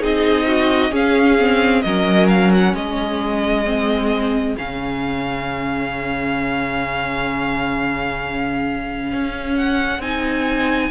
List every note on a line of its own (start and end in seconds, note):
0.00 0.90 C4
0.00 0.91 D#4
0.00 0.45 G#4
0.00 0.94 D#5
0.47 0.91 F#4
0.90 1.81 C#4
0.90 1.36 C#4
0.90 1.82 G#4
0.90 1.81 F5
1.39 1.84 C4
1.81 2.74 F#3
1.81 3.64 C#4
1.81 2.75 A#4
1.81 2.27 D#5
2.28 2.51 F5
2.54 2.75 F#5
2.74 4.55 G#3
2.74 10.91 G#4
2.74 4.56 D#5
3.64 4.55 C4
4.57 9.12 C#3
4.57 10.02 C#4
4.57 9.57 F5
9.12 9.99 C#4
9.57 10.01 F#5
9.99 10.90 C4
9.99 10.91 D#4
9.99 10.91 G#5